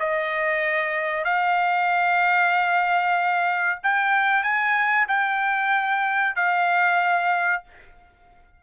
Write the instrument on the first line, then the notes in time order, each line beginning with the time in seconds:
trumpet
0.00 D#5
1.25 F5
3.84 G5
4.44 G#5
5.08 G5
6.36 F5